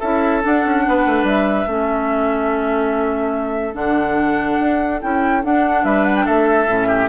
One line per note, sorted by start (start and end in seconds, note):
0.00 0.44 C#4
0.00 0.43 E4
0.00 0.83 A4
0.00 0.42 E5
0.43 1.68 D4
0.43 0.65 D4
0.43 1.26 F#5
0.65 0.86 C#4
0.88 1.06 B3
0.88 1.70 B4
1.06 1.24 A3
1.24 1.65 G3
1.24 3.76 E5
1.67 3.75 A3
1.67 3.74 C#4
1.67 5.85 A4
3.74 4.58 D3
3.74 4.99 D4
3.74 5.01 F#5
4.60 5.01 D4
5.01 5.44 C#4
5.01 5.43 E4
5.01 5.44 G5
5.43 6.68 D4
5.43 5.84 D4
5.43 5.85 F#5
5.84 6.26 G3
5.84 6.26 B4
5.84 6.05 E5
6.05 6.16 F#5
6.16 6.26 G5
6.26 6.67 A3
6.26 6.88 A4
6.26 7.09 E5
6.67 7.09 A2
6.67 7.09 C#4
6.88 7.09 G4